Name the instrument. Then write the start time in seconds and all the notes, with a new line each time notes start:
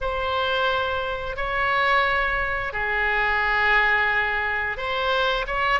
oboe
0.00 C5
1.36 C#5
2.72 G#4
4.77 C5
5.46 C#5